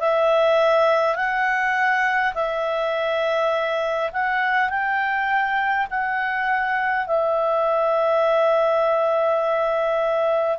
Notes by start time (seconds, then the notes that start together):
0.00 E5
1.16 F#5
2.35 E5
4.13 F#5
4.70 G5
5.90 F#5
7.07 E5